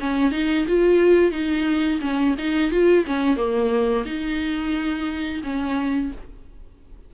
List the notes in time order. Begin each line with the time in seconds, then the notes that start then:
0.00 C#4
0.31 D#4
0.68 F4
1.31 D#4
2.01 C#4
2.38 D#4
2.71 F4
3.06 C#4
3.36 A#3
4.05 D#4
5.43 C#4